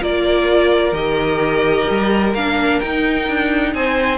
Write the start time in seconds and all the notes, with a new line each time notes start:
0.00 A#3 F4 A#4 D5
0.92 D#3 G4 D#5
1.90 G3
2.34 A#3 D4 F5
2.80 D#4 G5
3.28 D4
3.74 C4 C5 G#5